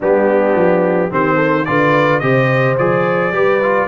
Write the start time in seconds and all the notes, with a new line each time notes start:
0.00 G3 B3 D4 G4
0.55 F3
1.10 D#3 C4 G4 C5
1.36 A4
1.65 D3 F4 B4 D5
2.19 C3 G4 C5 D#5
2.78 F3 G#4 D5
3.31 G3 G4 B4
3.62 F4